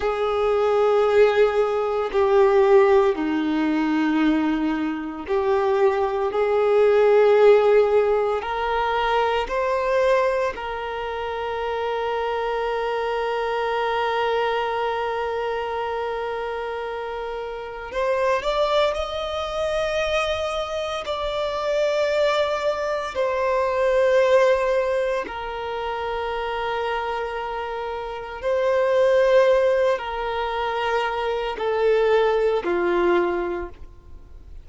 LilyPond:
\new Staff \with { instrumentName = "violin" } { \time 4/4 \tempo 4 = 57 gis'2 g'4 dis'4~ | dis'4 g'4 gis'2 | ais'4 c''4 ais'2~ | ais'1~ |
ais'4 c''8 d''8 dis''2 | d''2 c''2 | ais'2. c''4~ | c''8 ais'4. a'4 f'4 | }